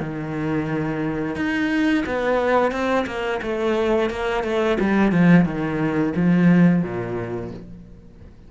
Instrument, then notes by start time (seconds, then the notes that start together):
cello
0.00 D#3
1.35 D#4
2.06 B3
2.71 C4
3.06 A#3
3.42 A3
4.10 A#3
4.43 A3
4.80 G3
5.12 F3
5.45 D#3
6.15 F3
6.82 A#2